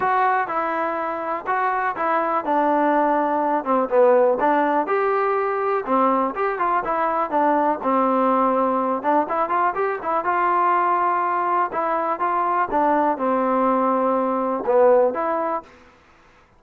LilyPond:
\new Staff \with { instrumentName = "trombone" } { \time 4/4 \tempo 4 = 123 fis'4 e'2 fis'4 | e'4 d'2~ d'8 c'8 | b4 d'4 g'2 | c'4 g'8 f'8 e'4 d'4 |
c'2~ c'8 d'8 e'8 f'8 | g'8 e'8 f'2. | e'4 f'4 d'4 c'4~ | c'2 b4 e'4 | }